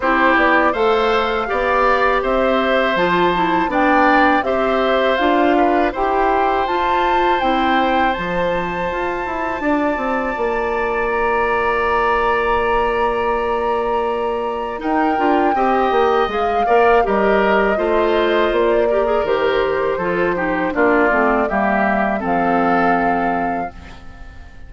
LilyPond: <<
  \new Staff \with { instrumentName = "flute" } { \time 4/4 \tempo 4 = 81 c''8 d''8 f''2 e''4 | a''4 g''4 e''4 f''4 | g''4 a''4 g''4 a''4~ | a''2. ais''4~ |
ais''1 | g''2 f''4 dis''4~ | dis''4 d''4 c''2 | d''4 e''4 f''2 | }
  \new Staff \with { instrumentName = "oboe" } { \time 4/4 g'4 c''4 d''4 c''4~ | c''4 d''4 c''4. b'8 | c''1~ | c''4 d''2.~ |
d''1 | ais'4 dis''4. d''8 ais'4 | c''4. ais'4. a'8 g'8 | f'4 g'4 a'2 | }
  \new Staff \with { instrumentName = "clarinet" } { \time 4/4 e'4 a'4 g'2 | f'8 e'8 d'4 g'4 f'4 | g'4 f'4 e'4 f'4~ | f'1~ |
f'1 | dis'8 f'8 g'4 gis'8 ais'8 g'4 | f'4. g'16 gis'16 g'4 f'8 dis'8 | d'8 c'8 ais4 c'2 | }
  \new Staff \with { instrumentName = "bassoon" } { \time 4/4 c'8 b8 a4 b4 c'4 | f4 b4 c'4 d'4 | e'4 f'4 c'4 f4 | f'8 e'8 d'8 c'8 ais2~ |
ais1 | dis'8 d'8 c'8 ais8 gis8 ais8 g4 | a4 ais4 dis4 f4 | ais8 a8 g4 f2 | }
>>